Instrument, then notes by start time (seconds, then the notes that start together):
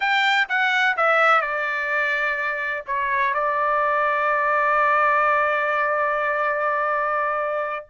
trumpet
0.00 G5
0.48 F#5
0.96 E5
1.41 D5
2.86 C#5
3.33 D5